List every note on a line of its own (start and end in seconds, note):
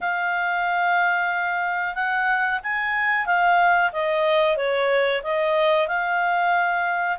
0.00 1.94 F5
1.94 2.59 F#5
2.63 3.26 G#5
3.26 3.91 F5
3.92 4.57 D#5
4.57 5.22 C#5
5.23 5.87 D#5
5.87 7.18 F5